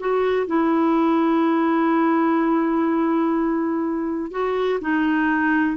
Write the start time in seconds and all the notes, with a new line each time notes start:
0.00 F#4
0.47 E4
4.32 F#4
4.82 D#4